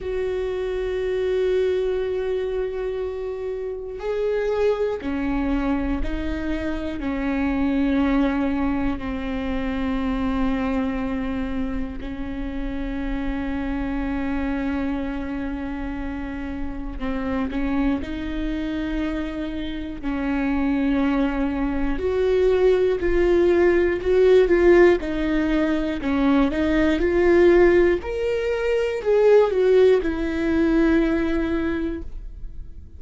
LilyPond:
\new Staff \with { instrumentName = "viola" } { \time 4/4 \tempo 4 = 60 fis'1 | gis'4 cis'4 dis'4 cis'4~ | cis'4 c'2. | cis'1~ |
cis'4 c'8 cis'8 dis'2 | cis'2 fis'4 f'4 | fis'8 f'8 dis'4 cis'8 dis'8 f'4 | ais'4 gis'8 fis'8 e'2 | }